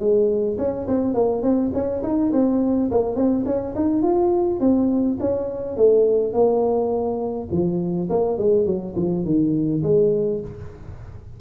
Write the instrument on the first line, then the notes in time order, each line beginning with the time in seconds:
tuba
0.00 G#3
0.58 C#4
0.88 C4
1.14 A#3
1.43 C4
1.74 C#4
2.03 D#4
2.33 C4
2.92 A#3
3.16 C4
3.46 C#4
3.76 D#4
4.03 F4
4.60 C4
5.20 C#4
5.77 A3
6.34 A#3
7.52 F3
8.10 A#3
8.38 G#3
8.66 F#3
8.96 F3
9.25 D#3
9.83 G#3